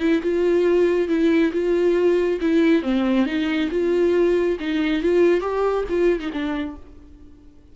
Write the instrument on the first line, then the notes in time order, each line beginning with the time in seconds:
viola
0.00 E4
0.22 F4
1.08 E4
1.53 F4
2.41 E4
2.83 C4
3.26 D#4
3.71 F4
4.60 D#4
5.02 F4
5.41 G4
5.89 F4
6.20 D#4
6.32 D4